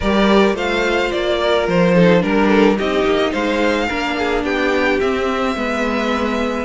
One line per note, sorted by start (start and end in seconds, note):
0.00 0.54 G3
0.00 0.54 G4
0.00 0.55 A#4
0.00 0.56 D5
0.54 1.09 A3
0.54 1.93 F4
0.54 1.38 C5
0.54 1.11 F5
1.11 1.67 A#3
1.11 1.67 D5
1.40 1.94 A#4
1.67 2.22 F3
1.67 2.22 C5
1.94 2.20 D#4
1.94 2.22 A4
2.20 2.78 G3
2.20 2.76 D4
2.20 2.77 A#4
2.20 2.48 A#4
2.48 2.75 A4
2.77 3.04 C4
2.77 3.89 D#4
2.77 3.31 G4
2.77 3.32 D#5
3.04 3.32 A#3
3.31 3.89 G#3
3.31 3.86 C5
3.31 4.44 F5
3.88 4.43 A#3
3.88 5.00 D4
3.88 4.16 A#4
4.18 4.44 G#4
4.43 4.99 B3
4.43 5.55 G4
4.43 5.00 G5
5.00 5.55 C4
5.00 5.56 C4
5.00 6.64 E5
5.55 6.64 G#3
5.55 6.64 B3
5.55 6.64 B4